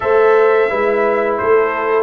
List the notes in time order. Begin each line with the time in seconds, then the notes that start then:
0.00 A3 A4 C5 E5
0.69 G#3 E4 B4
1.37 A3 A4 C5